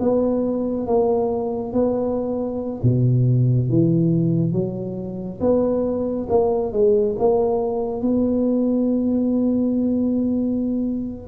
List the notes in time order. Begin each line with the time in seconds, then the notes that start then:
0.00 B3
0.87 A#3
1.73 B3
2.83 B2
3.70 E3
4.53 F#3
5.41 B3
6.30 A#3
6.73 G#3
7.19 A#3
8.02 B3